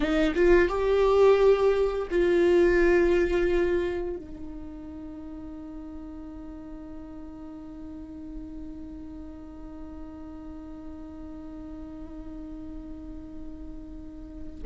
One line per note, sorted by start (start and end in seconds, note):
0.00 0.34 D#4
0.35 0.68 F4
0.68 2.08 G4
2.10 4.16 F4
4.16 14.62 D#4